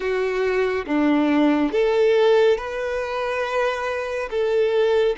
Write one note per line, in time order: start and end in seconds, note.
0.00 0.85 F#4
0.86 1.71 D4
1.72 2.57 A4
2.57 4.29 B4
4.30 5.16 A4